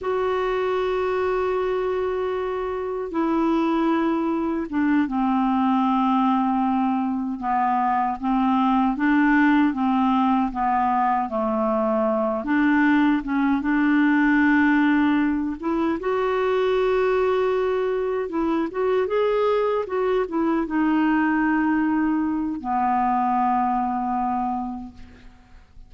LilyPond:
\new Staff \with { instrumentName = "clarinet" } { \time 4/4 \tempo 4 = 77 fis'1 | e'2 d'8 c'4.~ | c'4. b4 c'4 d'8~ | d'8 c'4 b4 a4. |
d'4 cis'8 d'2~ d'8 | e'8 fis'2. e'8 | fis'8 gis'4 fis'8 e'8 dis'4.~ | dis'4 b2. | }